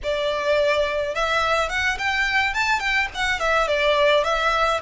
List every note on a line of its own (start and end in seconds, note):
0.03 1.14 D5
1.14 1.69 E5
1.69 1.97 F#5
1.98 2.53 G5
2.53 2.79 A5
2.79 3.07 G5
3.14 3.39 F#5
3.39 3.67 E5
3.67 4.23 D5
4.23 4.80 E5